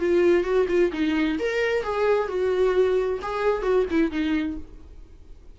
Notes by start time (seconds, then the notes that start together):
0.00 F4
0.44 F#4
0.69 F4
0.93 D#4
1.39 A#4
1.84 G#4
2.28 F#4
3.22 G#4
3.63 F#4
3.91 E4
4.11 D#4